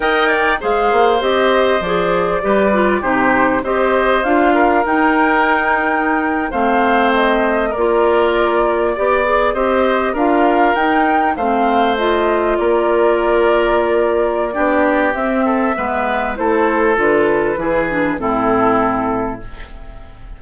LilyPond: <<
  \new Staff \with { instrumentName = "flute" } { \time 4/4 \tempo 4 = 99 g''4 f''4 dis''4 d''4~ | d''4 c''4 dis''4 f''4 | g''2~ g''8. f''4 dis''16~ | dis''8. d''2. dis''16~ |
dis''8. f''4 g''4 f''4 dis''16~ | dis''8. d''2.~ d''16~ | d''4 e''2 c''4 | b'2 a'2 | }
  \new Staff \with { instrumentName = "oboe" } { \time 4/4 dis''8 d''8 c''2. | b'4 g'4 c''4. ais'8~ | ais'2~ ais'8. c''4~ c''16~ | c''8. ais'2 d''4 c''16~ |
c''8. ais'2 c''4~ c''16~ | c''8. ais'2.~ ais'16 | g'4. a'8 b'4 a'4~ | a'4 gis'4 e'2 | }
  \new Staff \with { instrumentName = "clarinet" } { \time 4/4 ais'4 gis'4 g'4 gis'4 | g'8 f'8 dis'4 g'4 f'4 | dis'2~ dis'8. c'4~ c'16~ | c'8. f'2 g'8 gis'8 g'16~ |
g'8. f'4 dis'4 c'4 f'16~ | f'1 | d'4 c'4 b4 e'4 | f'4 e'8 d'8 c'2 | }
  \new Staff \with { instrumentName = "bassoon" } { \time 4/4 dis'4 gis8 ais8 c'4 f4 | g4 c4 c'4 d'4 | dis'2~ dis'8. a4~ a16~ | a8. ais2 b4 c'16~ |
c'8. d'4 dis'4 a4~ a16~ | a8. ais2.~ ais16 | b4 c'4 gis4 a4 | d4 e4 a,2 | }
>>